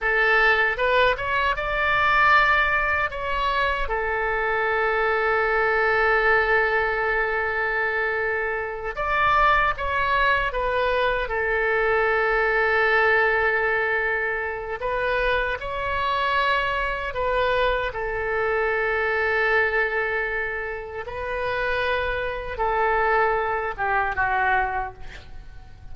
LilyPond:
\new Staff \with { instrumentName = "oboe" } { \time 4/4 \tempo 4 = 77 a'4 b'8 cis''8 d''2 | cis''4 a'2.~ | a'2.~ a'8 d''8~ | d''8 cis''4 b'4 a'4.~ |
a'2. b'4 | cis''2 b'4 a'4~ | a'2. b'4~ | b'4 a'4. g'8 fis'4 | }